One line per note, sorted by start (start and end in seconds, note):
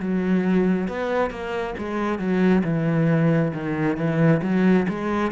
0.00 0.88 F#3
0.88 1.30 B3
1.30 1.74 A#3
1.78 2.18 G#3
2.18 2.62 F#3
2.64 3.52 E3
3.53 3.97 D#3
3.97 4.41 E3
4.42 4.86 F#3
4.88 5.31 G#3